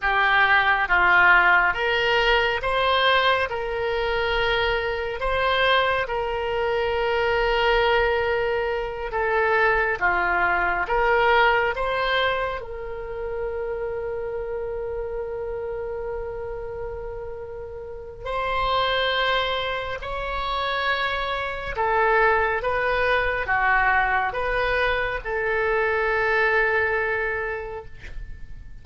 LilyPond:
\new Staff \with { instrumentName = "oboe" } { \time 4/4 \tempo 4 = 69 g'4 f'4 ais'4 c''4 | ais'2 c''4 ais'4~ | ais'2~ ais'8 a'4 f'8~ | f'8 ais'4 c''4 ais'4.~ |
ais'1~ | ais'4 c''2 cis''4~ | cis''4 a'4 b'4 fis'4 | b'4 a'2. | }